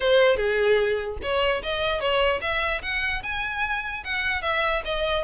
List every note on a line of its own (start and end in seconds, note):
0.00 0.36 C5
0.36 1.17 G#4
1.22 1.62 C#5
1.62 2.00 D#5
2.00 2.40 C#5
2.41 2.81 E5
2.82 3.22 F#5
3.23 4.03 G#5
4.04 4.42 F#5
4.42 4.82 E5
4.84 5.24 D#5